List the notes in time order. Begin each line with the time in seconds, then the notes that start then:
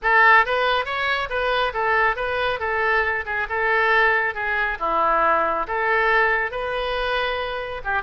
0.02 A4
0.45 B4
0.85 C#5
1.29 B4
1.73 A4
2.16 B4
2.59 A4
3.25 G#4
3.49 A4
4.34 G#4
4.79 E4
5.67 A4
6.51 B4
7.84 G4